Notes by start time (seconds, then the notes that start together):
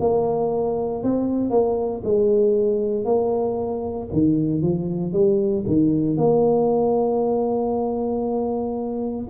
0.00 A#3
1.03 C4
1.50 A#3
2.04 G#3
3.05 A#3
4.12 D#3
4.62 F3
5.13 G3
5.67 D#3
6.17 A#3